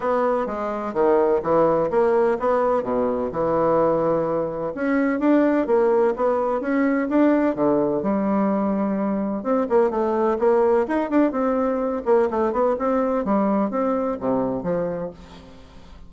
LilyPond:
\new Staff \with { instrumentName = "bassoon" } { \time 4/4 \tempo 4 = 127 b4 gis4 dis4 e4 | ais4 b4 b,4 e4~ | e2 cis'4 d'4 | ais4 b4 cis'4 d'4 |
d4 g2. | c'8 ais8 a4 ais4 dis'8 d'8 | c'4. ais8 a8 b8 c'4 | g4 c'4 c4 f4 | }